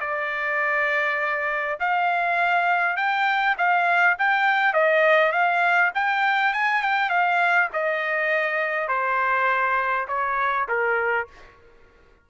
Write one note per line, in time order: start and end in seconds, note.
0.00 1.78 D5
1.80 2.96 F5
2.96 3.56 G5
3.58 4.17 F5
4.19 4.73 G5
4.73 5.32 D#5
5.32 5.91 F5
5.95 6.53 G5
6.53 6.82 G#5
6.82 7.09 G5
7.09 7.68 F5
7.73 8.88 D#5
8.88 10.07 C5
10.08 10.67 C#5
10.68 11.27 A#4